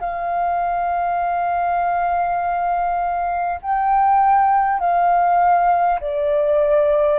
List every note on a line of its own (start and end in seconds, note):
0.00 3.60 F5
3.62 4.79 G5
4.79 5.99 F5
6.00 7.19 D5